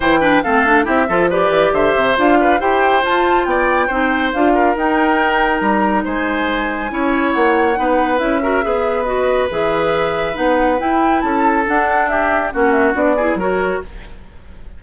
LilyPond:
<<
  \new Staff \with { instrumentName = "flute" } { \time 4/4 \tempo 4 = 139 g''4 f''4 e''4 d''4 | e''4 f''4 g''4 a''4 | g''2 f''4 g''4~ | g''4 ais''4 gis''2~ |
gis''4 fis''2 e''4~ | e''4 dis''4 e''2 | fis''4 g''4 a''4 fis''4 | e''4 fis''8 e''8 d''4 cis''4 | }
  \new Staff \with { instrumentName = "oboe" } { \time 4/4 c''8 b'8 a'4 g'8 a'8 b'4 | c''4. b'8 c''2 | d''4 c''4. ais'4.~ | ais'2 c''2 |
cis''2 b'4. ais'8 | b'1~ | b'2 a'2 | g'4 fis'4. gis'8 ais'4 | }
  \new Staff \with { instrumentName = "clarinet" } { \time 4/4 e'8 d'8 c'8 d'8 e'8 f'8 g'4~ | g'4 f'4 g'4 f'4~ | f'4 dis'4 f'4 dis'4~ | dis'1 |
e'2 dis'4 e'8 fis'8 | gis'4 fis'4 gis'2 | dis'4 e'2 d'4~ | d'4 cis'4 d'8 e'8 fis'4 | }
  \new Staff \with { instrumentName = "bassoon" } { \time 4/4 e4 a4 c'8 f4 e8 | d8 c8 d'4 e'4 f'4 | b4 c'4 d'4 dis'4~ | dis'4 g4 gis2 |
cis'4 ais4 b4 cis'4 | b2 e2 | b4 e'4 cis'4 d'4~ | d'4 ais4 b4 fis4 | }
>>